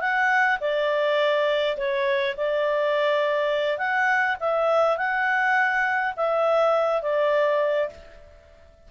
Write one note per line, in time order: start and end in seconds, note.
0.00 0.58 F#5
0.60 1.77 D5
1.77 2.35 C#5
2.36 3.78 D5
3.78 4.36 F#5
4.40 4.97 E5
4.97 6.14 F#5
6.16 7.02 E5
7.02 7.89 D5